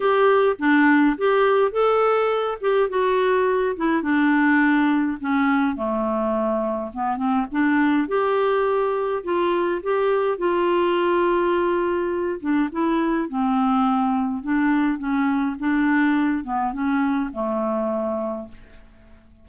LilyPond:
\new Staff \with { instrumentName = "clarinet" } { \time 4/4 \tempo 4 = 104 g'4 d'4 g'4 a'4~ | a'8 g'8 fis'4. e'8 d'4~ | d'4 cis'4 a2 | b8 c'8 d'4 g'2 |
f'4 g'4 f'2~ | f'4. d'8 e'4 c'4~ | c'4 d'4 cis'4 d'4~ | d'8 b8 cis'4 a2 | }